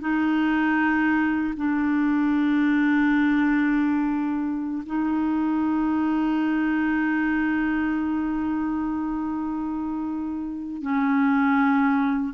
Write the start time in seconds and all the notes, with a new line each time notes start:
0.00 D#4
1.57 D4
4.86 D#4
10.82 C#4